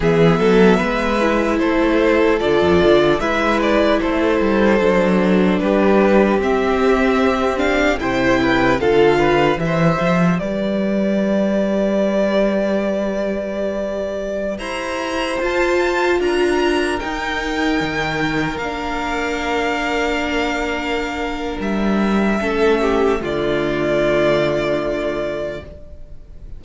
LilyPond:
<<
  \new Staff \with { instrumentName = "violin" } { \time 4/4 \tempo 4 = 75 e''2 c''4 d''4 | e''8 d''8 c''2 b'4 | e''4. f''8 g''4 f''4 | e''4 d''2.~ |
d''2~ d''16 ais''4 a''8.~ | a''16 ais''4 g''2 f''8.~ | f''2. e''4~ | e''4 d''2. | }
  \new Staff \with { instrumentName = "violin" } { \time 4/4 gis'8 a'8 b'4 a'2 | b'4 a'2 g'4~ | g'2 c''8 b'8 a'8 b'8 | c''4 b'2.~ |
b'2~ b'16 c''4.~ c''16~ | c''16 ais'2.~ ais'8.~ | ais'1 | a'8 g'8 f'2. | }
  \new Staff \with { instrumentName = "viola" } { \time 4/4 b4. e'4. f'4 | e'2 d'2 | c'4. d'8 e'4 f'4 | g'1~ |
g'2.~ g'16 f'8.~ | f'4~ f'16 dis'2 d'8.~ | d'1 | cis'4 a2. | }
  \new Staff \with { instrumentName = "cello" } { \time 4/4 e8 fis8 gis4 a4 d16 f,16 d8 | gis4 a8 g8 fis4 g4 | c'2 c4 d4 | e8 f8 g2.~ |
g2~ g16 e'4 f'8.~ | f'16 d'4 dis'4 dis4 ais8.~ | ais2. g4 | a4 d2. | }
>>